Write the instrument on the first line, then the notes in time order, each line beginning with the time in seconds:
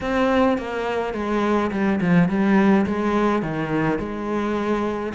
cello
0.01 C4
0.58 A#3
1.13 G#3
1.71 G3
2.01 F3
2.28 G3
2.85 G#3
3.42 D#3
3.98 G#3